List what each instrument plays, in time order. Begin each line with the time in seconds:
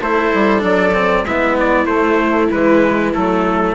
0.00 bassoon A3, cello E4, viola A4, trumpet C5
0.34 bassoon G3
0.58 bassoon F#3, cello D4
0.64 trumpet D5
0.94 cello C4
1.24 bassoon G#3, cello B3, viola E4, trumpet E5
1.59 trumpet D5
1.85 cello A3, bassoon A3, trumpet C5
2.51 bassoon E3, cello G#3, trumpet B4
3.13 bassoon F#3, cello A3, trumpet A4